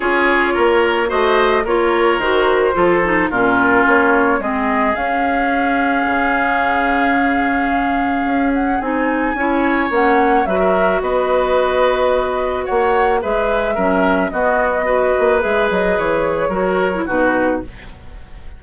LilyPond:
<<
  \new Staff \with { instrumentName = "flute" } { \time 4/4 \tempo 4 = 109 cis''2 dis''4 cis''4 | c''2 ais'4 cis''4 | dis''4 f''2.~ | f''2.~ f''8 fis''8 |
gis''2 fis''4 e''4 | dis''2. fis''4 | e''2 dis''2 | e''8 dis''8 cis''2 b'4 | }
  \new Staff \with { instrumentName = "oboe" } { \time 4/4 gis'4 ais'4 c''4 ais'4~ | ais'4 a'4 f'2 | gis'1~ | gis'1~ |
gis'4 cis''2 b'16 ais'8. | b'2. cis''4 | b'4 ais'4 fis'4 b'4~ | b'2 ais'4 fis'4 | }
  \new Staff \with { instrumentName = "clarinet" } { \time 4/4 f'2 fis'4 f'4 | fis'4 f'8 dis'8 cis'2 | c'4 cis'2.~ | cis'1 |
dis'4 e'4 cis'4 fis'4~ | fis'1 | gis'4 cis'4 b4 fis'4 | gis'2 fis'8. e'16 dis'4 | }
  \new Staff \with { instrumentName = "bassoon" } { \time 4/4 cis'4 ais4 a4 ais4 | dis4 f4 ais,4 ais4 | gis4 cis'2 cis4~ | cis2. cis'4 |
c'4 cis'4 ais4 fis4 | b2. ais4 | gis4 fis4 b4. ais8 | gis8 fis8 e4 fis4 b,4 | }
>>